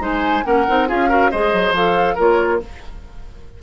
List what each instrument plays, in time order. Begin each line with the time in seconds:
0.00 bassoon G#3, clarinet D#4, oboe C5, flute G#5
0.45 bassoon A#3, clarinet C#4, oboe A#4, flute F#5
0.68 bassoon C4, clarinet D#4
0.88 bassoon C#4, clarinet F4, oboe G#4, flute F5
1.09 clarinet F#4, oboe A#4
1.31 bassoon G#3, clarinet G#4, oboe C5, flute D#5
1.53 bassoon F#3
1.72 bassoon F3, clarinet A4, flute F5
2.15 bassoon A#3, clarinet F4, oboe A#4, flute C#5